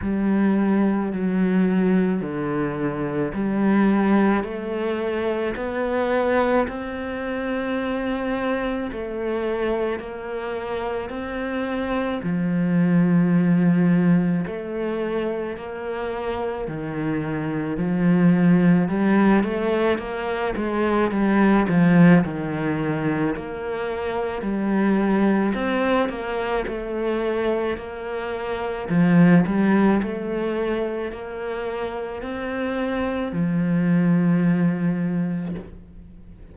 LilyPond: \new Staff \with { instrumentName = "cello" } { \time 4/4 \tempo 4 = 54 g4 fis4 d4 g4 | a4 b4 c'2 | a4 ais4 c'4 f4~ | f4 a4 ais4 dis4 |
f4 g8 a8 ais8 gis8 g8 f8 | dis4 ais4 g4 c'8 ais8 | a4 ais4 f8 g8 a4 | ais4 c'4 f2 | }